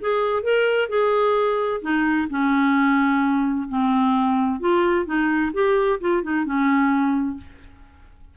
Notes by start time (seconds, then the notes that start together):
0.00 G#4
0.43 A#4
0.89 G#4
1.81 D#4
2.30 C#4
3.69 C4
4.60 F4
5.05 D#4
5.53 G4
6.00 F4
6.23 D#4
6.45 C#4